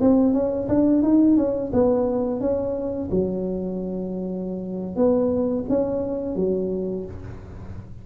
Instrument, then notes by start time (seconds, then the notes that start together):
tuba
0.00 C4
0.33 C#4
0.68 D4
1.02 D#4
1.36 C#4
1.72 B3
2.40 C#4
3.11 F#3
4.96 B3
5.68 C#4
6.35 F#3